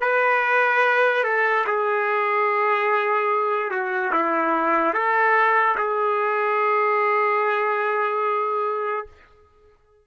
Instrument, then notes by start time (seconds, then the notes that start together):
trumpet
0.00 B4
1.23 A4
1.66 G#4
3.70 F#4
4.12 E4
4.93 A4
5.77 G#4